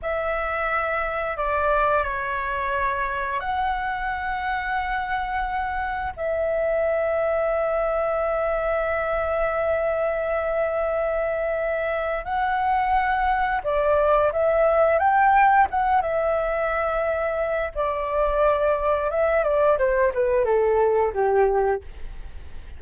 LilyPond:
\new Staff \with { instrumentName = "flute" } { \time 4/4 \tempo 4 = 88 e''2 d''4 cis''4~ | cis''4 fis''2.~ | fis''4 e''2.~ | e''1~ |
e''2 fis''2 | d''4 e''4 g''4 fis''8 e''8~ | e''2 d''2 | e''8 d''8 c''8 b'8 a'4 g'4 | }